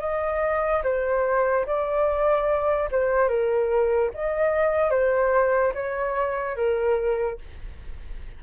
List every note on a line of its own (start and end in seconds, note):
0.00 0.82 D#5
0.83 1.66 C5
1.66 2.89 D5
2.91 3.28 C5
3.28 4.11 A#4
4.14 4.91 D#5
4.91 5.73 C5
5.74 6.56 C#5
6.56 7.38 A#4